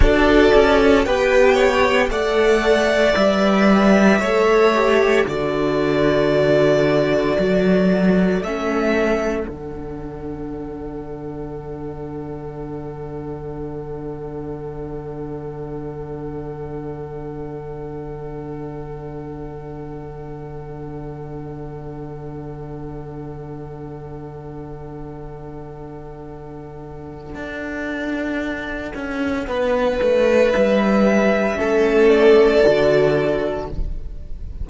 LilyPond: <<
  \new Staff \with { instrumentName = "violin" } { \time 4/4 \tempo 4 = 57 d''4 g''4 fis''4 e''4~ | e''4 d''2. | e''4 fis''2.~ | fis''1~ |
fis''1~ | fis''1~ | fis''1~ | fis''4 e''4. d''4. | }
  \new Staff \with { instrumentName = "violin" } { \time 4/4 a'4 b'8 cis''8 d''2 | cis''4 a'2.~ | a'1~ | a'1~ |
a'1~ | a'1~ | a'1 | b'2 a'2 | }
  \new Staff \with { instrumentName = "viola" } { \time 4/4 fis'4 g'4 a'4 b'4 | a'8 g'8 fis'2. | cis'4 d'2.~ | d'1~ |
d'1~ | d'1~ | d'1~ | d'2 cis'4 fis'4 | }
  \new Staff \with { instrumentName = "cello" } { \time 4/4 d'8 cis'8 b4 a4 g4 | a4 d2 fis4 | a4 d2.~ | d1~ |
d1~ | d1~ | d2 d'4. cis'8 | b8 a8 g4 a4 d4 | }
>>